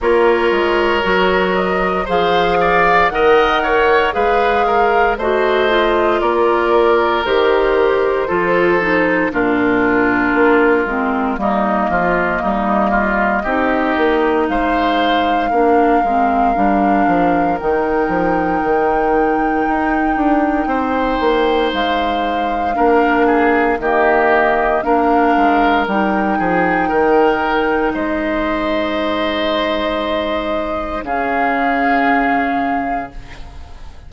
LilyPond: <<
  \new Staff \with { instrumentName = "flute" } { \time 4/4 \tempo 4 = 58 cis''4. dis''8 f''4 fis''4 | f''4 dis''4 d''4 c''4~ | c''4 ais'2 dis''4~ | dis''2 f''2~ |
f''4 g''2.~ | g''4 f''2 dis''4 | f''4 g''2 dis''4~ | dis''2 f''2 | }
  \new Staff \with { instrumentName = "oboe" } { \time 4/4 ais'2 c''8 d''8 dis''8 cis''8 | b'8 ais'8 c''4 ais'2 | a'4 f'2 dis'8 f'8 | dis'8 f'8 g'4 c''4 ais'4~ |
ais'1 | c''2 ais'8 gis'8 g'4 | ais'4. gis'8 ais'4 c''4~ | c''2 gis'2 | }
  \new Staff \with { instrumentName = "clarinet" } { \time 4/4 f'4 fis'4 gis'4 ais'4 | gis'4 fis'8 f'4. g'4 | f'8 dis'8 d'4. c'8 ais4~ | ais4 dis'2 d'8 c'8 |
d'4 dis'2.~ | dis'2 d'4 ais4 | d'4 dis'2.~ | dis'2 cis'2 | }
  \new Staff \with { instrumentName = "bassoon" } { \time 4/4 ais8 gis8 fis4 f4 dis4 | gis4 a4 ais4 dis4 | f4 ais,4 ais8 gis8 g8 f8 | g4 c'8 ais8 gis4 ais8 gis8 |
g8 f8 dis8 f8 dis4 dis'8 d'8 | c'8 ais8 gis4 ais4 dis4 | ais8 gis8 g8 f8 dis4 gis4~ | gis2 cis2 | }
>>